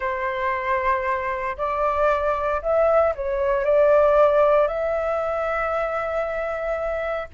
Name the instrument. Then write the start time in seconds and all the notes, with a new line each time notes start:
flute
0.00 C5
1.57 D5
2.61 E5
3.15 C#5
3.64 D5
4.67 E5